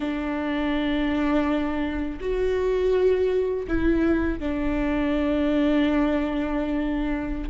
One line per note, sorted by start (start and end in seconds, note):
0.00 2.19 D4
2.20 3.66 F#4
3.67 4.39 E4
4.39 7.49 D4